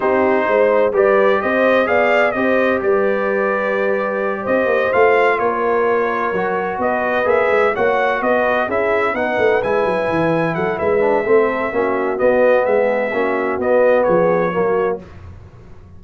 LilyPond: <<
  \new Staff \with { instrumentName = "trumpet" } { \time 4/4 \tempo 4 = 128 c''2 d''4 dis''4 | f''4 dis''4 d''2~ | d''4. dis''4 f''4 cis''8~ | cis''2~ cis''8 dis''4 e''8~ |
e''8 fis''4 dis''4 e''4 fis''8~ | fis''8 gis''2 fis''8 e''4~ | e''2 dis''4 e''4~ | e''4 dis''4 cis''2 | }
  \new Staff \with { instrumentName = "horn" } { \time 4/4 g'4 c''4 b'4 c''4 | d''4 c''4 b'2~ | b'4. c''2 ais'8~ | ais'2~ ais'8 b'4.~ |
b'8 cis''4 b'4 gis'4 b'8~ | b'2~ b'8 a'8 b'4 | a'4 fis'2 gis'4 | fis'2 gis'4 fis'4 | }
  \new Staff \with { instrumentName = "trombone" } { \time 4/4 dis'2 g'2 | gis'4 g'2.~ | g'2~ g'8 f'4.~ | f'4. fis'2 gis'8~ |
gis'8 fis'2 e'4 dis'8~ | dis'8 e'2. d'8 | c'4 cis'4 b2 | cis'4 b2 ais4 | }
  \new Staff \with { instrumentName = "tuba" } { \time 4/4 c'4 gis4 g4 c'4 | b4 c'4 g2~ | g4. c'8 ais8 a4 ais8~ | ais4. fis4 b4 ais8 |
gis8 ais4 b4 cis'4 b8 | a8 gis8 fis8 e4 fis8 gis4 | a4 ais4 b4 gis4 | ais4 b4 f4 fis4 | }
>>